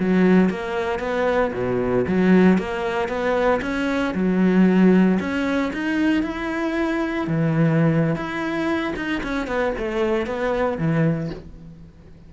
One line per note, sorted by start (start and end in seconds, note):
0.00 0.50 F#3
0.50 1.00 A#3
1.00 1.52 B3
1.53 2.06 B2
2.08 2.58 F#3
2.58 3.09 A#3
3.09 3.61 B3
3.62 4.14 C#4
4.15 5.19 F#3
5.20 5.72 C#4
5.73 6.23 D#4
6.23 7.27 E4
7.27 8.16 E3
8.16 8.94 E4
8.96 9.22 D#4
9.23 9.47 C#4
9.47 9.73 B3
9.78 10.27 A3
10.27 10.78 B3
10.78 11.30 E3